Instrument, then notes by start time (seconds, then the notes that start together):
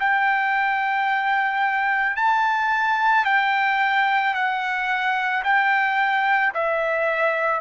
trumpet
0.00 G5
2.16 A5
3.25 G5
4.34 F#5
5.43 G5
6.54 E5